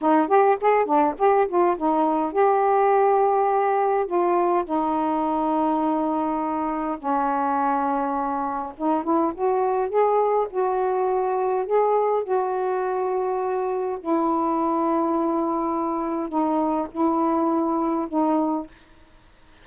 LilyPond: \new Staff \with { instrumentName = "saxophone" } { \time 4/4 \tempo 4 = 103 dis'8 g'8 gis'8 d'8 g'8 f'8 dis'4 | g'2. f'4 | dis'1 | cis'2. dis'8 e'8 |
fis'4 gis'4 fis'2 | gis'4 fis'2. | e'1 | dis'4 e'2 dis'4 | }